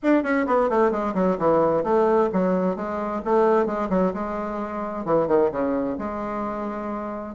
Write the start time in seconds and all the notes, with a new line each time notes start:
0.02 D4
0.23 C#4
0.46 B3
0.69 A3
0.91 G#3
1.14 F#3
1.38 E3
1.83 A3
2.32 F#3
2.76 G#3
3.24 A3
3.65 G#3
3.89 F#3
4.13 G#3
5.05 E3
5.27 D#3
5.51 C#3
5.98 G#3